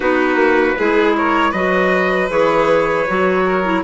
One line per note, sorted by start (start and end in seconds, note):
0.00 0.35 B3
0.00 0.77 D#4
0.00 0.77 F#4
0.00 1.15 B4
0.35 0.73 A#3
0.77 1.53 G#3
0.77 1.54 E4
0.77 1.16 G#4
1.16 1.50 A#4
1.16 1.52 C#5
1.50 2.29 F#3
1.50 2.29 F#4
1.50 3.43 B4
1.50 2.29 D#5
2.29 3.06 E3
2.29 3.06 G#4
2.29 3.83 C#5
3.07 3.83 F#3
3.07 3.64 F#4
3.45 3.83 A#4
3.64 3.83 E4